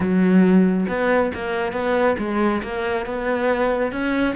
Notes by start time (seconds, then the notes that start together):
0.00 F#3
0.88 B3
1.34 A#3
1.72 B3
2.18 G#3
2.62 A#3
3.06 B3
3.92 C#4